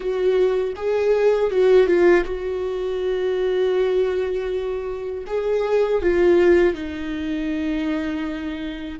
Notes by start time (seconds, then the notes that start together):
0.00 F#4
0.75 G#4
1.50 F#4
1.86 F4
2.24 F#4
5.27 G#4
6.02 F4
6.74 D#4